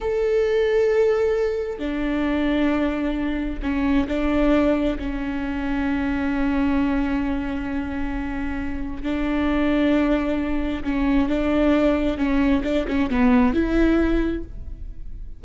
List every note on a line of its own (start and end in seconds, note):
0.00 1.79 A4
1.79 3.59 D4
3.62 4.07 C#4
4.07 4.97 D4
4.98 9.02 C#4
9.02 10.83 D4
10.83 11.28 C#4
11.28 12.17 D4
12.17 12.62 C#4
12.63 12.86 D4
12.87 13.09 C#4
13.09 13.53 B3
13.53 14.43 E4